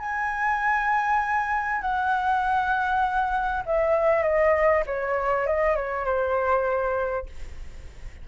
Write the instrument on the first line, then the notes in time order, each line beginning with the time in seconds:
flute
0.00 G#5
1.82 F#5
3.66 E5
4.23 D#5
4.87 C#5
5.47 D#5
5.76 C#5
6.06 C5